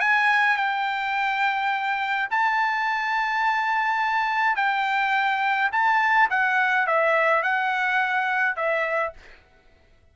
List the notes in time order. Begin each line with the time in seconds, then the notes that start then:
0.00 G#5
0.57 G5
2.31 A5
4.56 G5
5.72 A5
6.30 F#5
6.87 E5
7.43 F#5
8.56 E5